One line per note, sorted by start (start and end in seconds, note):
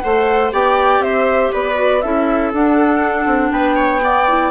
0.00 0.52 A3
0.00 0.52 A4
0.00 0.53 C5
0.00 0.50 F#5
0.52 0.99 B3
0.52 1.74 G4
0.52 1.03 D5
0.52 1.02 G5
0.99 1.49 C4
0.99 1.52 C5
0.99 1.52 E5
1.52 2.03 B3
1.52 2.02 B4
1.52 2.01 D5
1.74 1.99 F#4
2.01 2.52 C#4
2.01 2.53 E4
2.01 3.52 A4
2.01 2.51 E5
2.52 3.26 D4
2.52 4.00 D4
2.52 3.52 F#5
3.26 3.51 C4
3.51 4.50 B3
3.51 3.75 B4
3.51 4.50 G5
3.75 4.00 C#5
4.00 4.25 B3
4.00 4.50 D5
4.27 4.50 E4